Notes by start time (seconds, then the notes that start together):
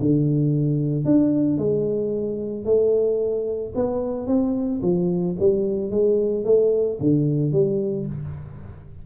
0.00 D3
1.05 D4
1.58 G#3
2.65 A3
3.75 B3
4.27 C4
4.82 F3
5.39 G3
5.91 G#3
6.44 A3
7.00 D3
7.52 G3